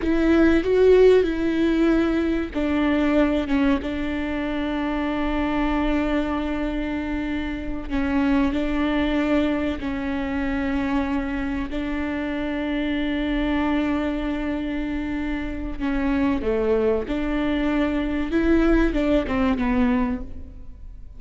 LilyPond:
\new Staff \with { instrumentName = "viola" } { \time 4/4 \tempo 4 = 95 e'4 fis'4 e'2 | d'4. cis'8 d'2~ | d'1~ | d'8 cis'4 d'2 cis'8~ |
cis'2~ cis'8 d'4.~ | d'1~ | d'4 cis'4 a4 d'4~ | d'4 e'4 d'8 c'8 b4 | }